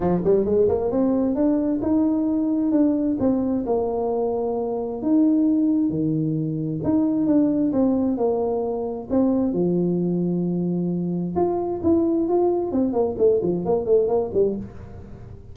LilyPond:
\new Staff \with { instrumentName = "tuba" } { \time 4/4 \tempo 4 = 132 f8 g8 gis8 ais8 c'4 d'4 | dis'2 d'4 c'4 | ais2. dis'4~ | dis'4 dis2 dis'4 |
d'4 c'4 ais2 | c'4 f2.~ | f4 f'4 e'4 f'4 | c'8 ais8 a8 f8 ais8 a8 ais8 g8 | }